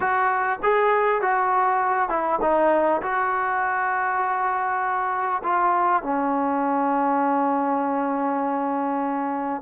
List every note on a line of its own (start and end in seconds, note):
0.00 0.59 F#4
0.62 1.21 G#4
1.21 2.09 F#4
2.09 2.39 E4
2.41 3.01 D#4
3.02 5.42 F#4
5.43 6.02 F4
6.02 9.62 C#4